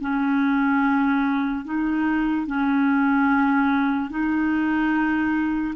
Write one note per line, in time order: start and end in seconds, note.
0.00 1.64 C#4
1.64 2.47 D#4
2.47 4.10 C#4
4.10 5.74 D#4